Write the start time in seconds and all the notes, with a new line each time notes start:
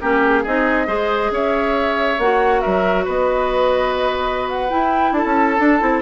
0.00 A#3 C#4 G4 A#4
0.25 G#4
0.44 C4 D#4 G#4 D#5
0.87 G#3 G#4 C5
1.31 C#4 C#5 E5
2.19 A#3 F#4 F#5
2.61 F#3 A#4 E5
3.05 B3 B4 D#5
4.50 F#5
4.70 E4 G5
5.13 D4 A4 A5
5.26 C#4
5.59 D4
5.80 C4 E4